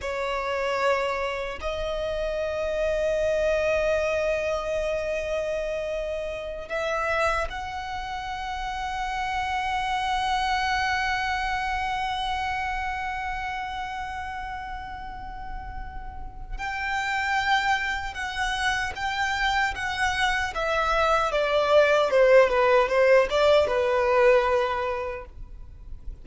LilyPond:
\new Staff \with { instrumentName = "violin" } { \time 4/4 \tempo 4 = 76 cis''2 dis''2~ | dis''1~ | dis''8 e''4 fis''2~ fis''8~ | fis''1~ |
fis''1~ | fis''4 g''2 fis''4 | g''4 fis''4 e''4 d''4 | c''8 b'8 c''8 d''8 b'2 | }